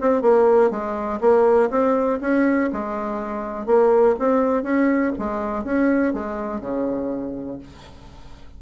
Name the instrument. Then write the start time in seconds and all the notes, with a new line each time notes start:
bassoon
0.00 C4
0.21 A#3
0.70 G#3
1.20 A#3
1.70 C4
2.21 C#4
2.72 G#3
3.66 A#3
4.18 C4
4.63 C#4
5.18 G#3
5.64 C#4
6.13 G#3
6.60 C#3